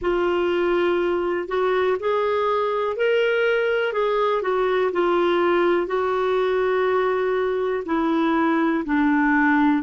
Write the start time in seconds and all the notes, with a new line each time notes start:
0.01 F4
1.48 F#4
1.99 G#4
2.96 A#4
3.93 G#4
4.42 F#4
4.92 F4
5.87 F#4
7.85 E4
8.85 D4